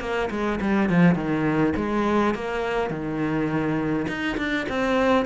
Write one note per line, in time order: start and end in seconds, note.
0.00 0.29 A#3
0.30 0.59 G#3
0.61 0.89 G3
0.89 1.15 F3
1.15 1.73 D#3
1.76 2.34 G#3
2.34 2.90 A#3
2.90 4.06 D#3
4.07 4.36 D#4
4.37 4.66 D4
4.69 5.25 C4